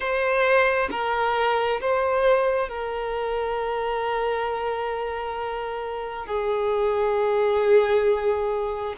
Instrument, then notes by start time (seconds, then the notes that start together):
violin
0.00 C5
0.90 A#4
1.80 C5
2.68 A#4
6.26 G#4